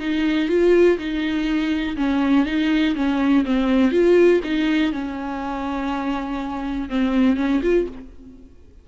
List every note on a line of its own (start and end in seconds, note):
0.00 0.49 D#4
0.49 0.98 F4
0.98 1.96 D#4
1.97 2.46 C#4
2.46 2.95 D#4
2.96 3.45 C#4
3.45 3.92 C4
3.92 4.41 F4
4.44 4.92 D#4
4.92 6.89 C#4
6.89 7.37 C4
7.37 7.61 C#4
7.63 7.87 F4